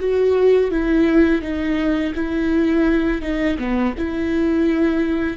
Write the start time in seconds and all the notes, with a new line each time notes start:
0.00 F#4
0.71 E4
1.42 D#4
2.15 E4
3.22 D#4
3.58 B3
3.98 E4